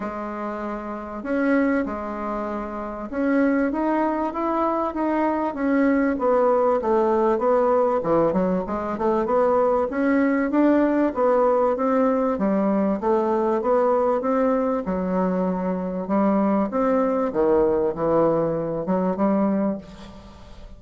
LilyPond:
\new Staff \with { instrumentName = "bassoon" } { \time 4/4 \tempo 4 = 97 gis2 cis'4 gis4~ | gis4 cis'4 dis'4 e'4 | dis'4 cis'4 b4 a4 | b4 e8 fis8 gis8 a8 b4 |
cis'4 d'4 b4 c'4 | g4 a4 b4 c'4 | fis2 g4 c'4 | dis4 e4. fis8 g4 | }